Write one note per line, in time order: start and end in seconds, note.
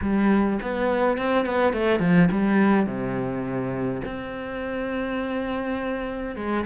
0.01 0.59 G3
0.62 1.17 B3
1.17 1.45 C4
1.45 1.73 B3
1.73 1.99 A3
1.99 2.28 F3
2.31 2.86 G3
2.86 4.01 C3
4.05 6.35 C4
6.35 6.64 G#3